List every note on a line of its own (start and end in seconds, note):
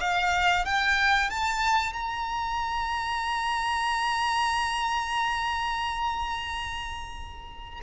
0.00 0.65 F5
0.65 1.30 G5
1.30 1.93 A5
1.93 7.80 A#5